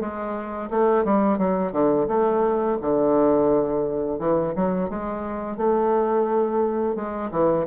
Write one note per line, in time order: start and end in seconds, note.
0.00 0.70 G#3
0.70 1.04 A3
1.04 1.38 G3
1.38 1.72 F#3
1.72 2.07 D3
2.08 2.77 A3
2.81 4.19 D3
4.19 4.53 E3
4.55 4.89 F#3
4.89 5.57 G#3
5.57 6.95 A3
6.95 7.30 G#3
7.31 7.66 E3